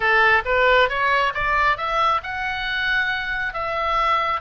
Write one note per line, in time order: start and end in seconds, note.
0.00 0.43 A4
0.45 0.89 B4
0.89 1.33 C#5
1.34 1.77 D5
1.77 2.21 E5
2.23 3.53 F#5
3.53 4.40 E5